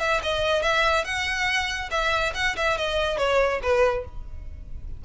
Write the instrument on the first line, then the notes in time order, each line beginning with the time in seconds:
violin
0.00 E5
0.23 D#5
0.63 E5
1.05 F#5
1.91 E5
2.35 F#5
2.57 E5
2.78 D#5
3.18 C#5
3.63 B4